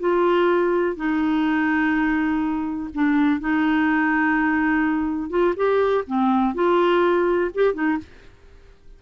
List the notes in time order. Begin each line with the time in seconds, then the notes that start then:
0.00 F4
0.96 D#4
2.94 D4
3.40 D#4
5.30 F4
5.56 G4
6.07 C4
6.55 F4
7.54 G4
7.74 D#4